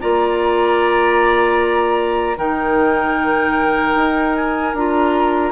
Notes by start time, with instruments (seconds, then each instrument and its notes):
0.00 bassoon A#3, clarinet F4, oboe D5, flute A#5
2.37 bassoon D#3, clarinet D#4, oboe A#4, flute G5
3.95 bassoon D#4
4.35 flute G#5
4.73 bassoon D4, clarinet F4, flute A#5